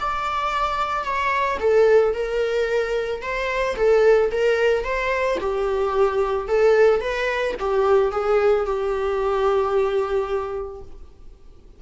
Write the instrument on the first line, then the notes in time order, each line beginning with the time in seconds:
viola
0.00 D5
1.04 C#5
1.60 A4
2.14 A#4
3.22 C5
3.76 A4
4.31 A#4
4.84 C5
5.40 G4
6.47 A4
7.00 B4
7.59 G4
8.11 G#4
8.65 G4